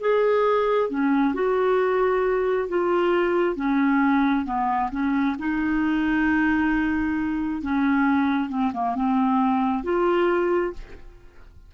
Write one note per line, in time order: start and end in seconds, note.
0.00 0.90 G#4
0.90 1.34 C#4
1.34 2.69 F#4
2.69 3.56 F4
3.56 4.45 C#4
4.45 4.90 B3
4.91 5.36 C#4
5.39 7.62 D#4
7.62 8.50 C#4
8.50 8.72 C4
8.74 8.96 A#3
8.96 9.84 C4
9.84 10.73 F4